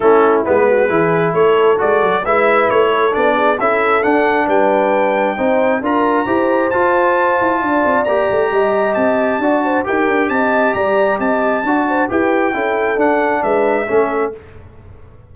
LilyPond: <<
  \new Staff \with { instrumentName = "trumpet" } { \time 4/4 \tempo 4 = 134 a'4 b'2 cis''4 | d''4 e''4 cis''4 d''4 | e''4 fis''4 g''2~ | g''4 ais''2 a''4~ |
a''2 ais''2 | a''2 g''4 a''4 | ais''4 a''2 g''4~ | g''4 fis''4 e''2 | }
  \new Staff \with { instrumentName = "horn" } { \time 4/4 e'4. fis'8 gis'4 a'4~ | a'4 b'4. a'4 gis'8 | a'2 b'2 | c''4 ais'4 c''2~ |
c''4 d''2 dis''4~ | dis''4 d''8 c''8 ais'4 dis''4 | d''4 dis''4 d''8 c''8 b'4 | a'2 b'4 a'4 | }
  \new Staff \with { instrumentName = "trombone" } { \time 4/4 cis'4 b4 e'2 | fis'4 e'2 d'4 | e'4 d'2. | dis'4 f'4 g'4 f'4~ |
f'2 g'2~ | g'4 fis'4 g'2~ | g'2 fis'4 g'4 | e'4 d'2 cis'4 | }
  \new Staff \with { instrumentName = "tuba" } { \time 4/4 a4 gis4 e4 a4 | gis8 fis8 gis4 a4 b4 | cis'4 d'4 g2 | c'4 d'4 e'4 f'4~ |
f'8 e'8 d'8 c'8 ais8 a8 g4 | c'4 d'4 dis'8 d'8 c'4 | g4 c'4 d'4 e'4 | cis'4 d'4 gis4 a4 | }
>>